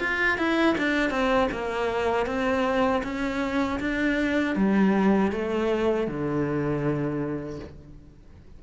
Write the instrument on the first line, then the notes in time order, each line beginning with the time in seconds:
cello
0.00 F4
0.38 E4
0.78 D4
1.10 C4
1.52 A#3
2.26 C4
3.03 C#4
3.80 D4
4.56 G3
5.32 A3
6.08 D3